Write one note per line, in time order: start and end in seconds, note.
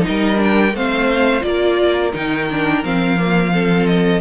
0.00 0.35 D#4
0.00 0.41 D#5
0.07 0.73 G3
0.07 0.76 A#4
0.36 0.71 D4
0.44 0.76 G5
0.73 1.43 A3
0.73 1.41 C4
0.73 1.45 C5
0.73 1.43 F5
1.41 2.13 A#3
1.41 2.10 F4
1.41 2.13 D5
1.47 3.53 A#4
2.13 2.84 D#3
2.13 2.48 D#4
2.13 2.84 G5
2.51 2.84 D4
2.84 4.21 F3
2.84 3.17 C4
2.84 3.87 F5
3.17 3.52 A#3
3.53 4.21 C4
3.53 4.21 A4
3.87 4.21 D#5